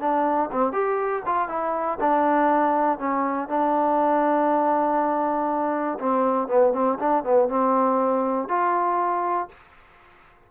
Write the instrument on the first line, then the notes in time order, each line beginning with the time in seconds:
trombone
0.00 D4
0.52 C4
0.73 G4
1.26 F4
1.49 E4
2.01 D4
2.99 C#4
3.49 D4
6.00 C4
6.48 B3
6.73 C4
6.99 D4
7.24 B3
7.49 C4
8.49 F4